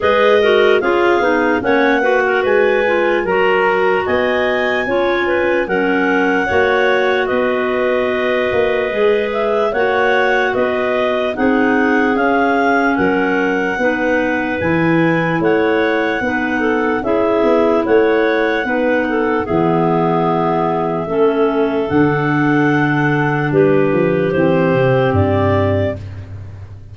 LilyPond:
<<
  \new Staff \with { instrumentName = "clarinet" } { \time 4/4 \tempo 4 = 74 dis''4 f''4 fis''4 gis''4 | ais''4 gis''2 fis''4~ | fis''4 dis''2~ dis''8 e''8 | fis''4 dis''4 fis''4 f''4 |
fis''2 gis''4 fis''4~ | fis''4 e''4 fis''2 | e''2. fis''4~ | fis''4 b'4 c''4 d''4 | }
  \new Staff \with { instrumentName = "clarinet" } { \time 4/4 b'8 ais'8 gis'4 cis''8 b'16 ais'16 b'4 | ais'4 dis''4 cis''8 b'8 ais'4 | cis''4 b'2. | cis''4 b'4 gis'2 |
ais'4 b'2 cis''4 | b'8 a'8 gis'4 cis''4 b'8 a'8 | gis'2 a'2~ | a'4 g'2. | }
  \new Staff \with { instrumentName = "clarinet" } { \time 4/4 gis'8 fis'8 f'8 dis'8 cis'8 fis'4 f'8 | fis'2 f'4 cis'4 | fis'2. gis'4 | fis'2 dis'4 cis'4~ |
cis'4 dis'4 e'2 | dis'4 e'2 dis'4 | b2 cis'4 d'4~ | d'2 c'2 | }
  \new Staff \with { instrumentName = "tuba" } { \time 4/4 gis4 cis'8 b8 ais4 gis4 | fis4 b4 cis'4 fis4 | ais4 b4. ais8 gis4 | ais4 b4 c'4 cis'4 |
fis4 b4 e4 a4 | b4 cis'8 b8 a4 b4 | e2 a4 d4~ | d4 g8 f8 e8 c8 g,4 | }
>>